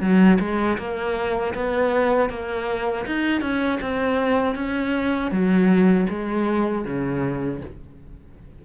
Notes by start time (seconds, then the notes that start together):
0.00 F#3
0.39 G#3
0.78 A#3
1.54 B3
2.29 A#3
3.06 D#4
3.41 C#4
3.81 C4
4.55 C#4
5.31 F#3
6.09 G#3
6.85 C#3